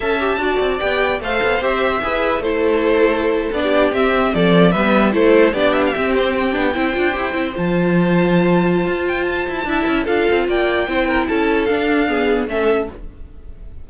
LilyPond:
<<
  \new Staff \with { instrumentName = "violin" } { \time 4/4 \tempo 4 = 149 a''2 g''4 f''4 | e''2 c''2~ | c''8. d''4 e''4 d''4 e''16~ | e''8. c''4 d''8 e''16 f''16 e''8 c''8 g''16~ |
g''2~ g''8. a''4~ a''16~ | a''2~ a''8 g''8 a''4~ | a''4 f''4 g''2 | a''4 f''2 e''4 | }
  \new Staff \with { instrumentName = "violin" } { \time 4/4 e''4 d''2 c''4~ | c''4 b'4 a'2~ | a'4 g'4.~ g'16 a'4 b'16~ | b'8. a'4 g'2~ g'16~ |
g'8. c''2.~ c''16~ | c''1 | e''4 a'4 d''4 c''8 ais'8 | a'2 gis'4 a'4 | }
  \new Staff \with { instrumentName = "viola" } { \time 4/4 a'8 g'8 fis'4 g'4 a'4 | g'4 gis'4 e'2~ | e'8. d'4 c'2 b16~ | b8. e'4 d'4 c'4~ c'16~ |
c'16 d'8 e'8 f'8 g'8 e'8 f'4~ f'16~ | f'1 | e'4 f'2 e'4~ | e'4 d'4 b4 cis'4 | }
  \new Staff \with { instrumentName = "cello" } { \time 4/4 cis'4 d'8 c'8 b4 a8 b8 | c'4 e'4 a2~ | a8. b4 c'4 f4 g16~ | g8. a4 b4 c'4~ c'16~ |
c'16 b8 c'8 d'8 e'8 c'8 f4~ f16~ | f2 f'4. e'8 | d'8 cis'8 d'8 c'8 ais4 c'4 | cis'4 d'2 a4 | }
>>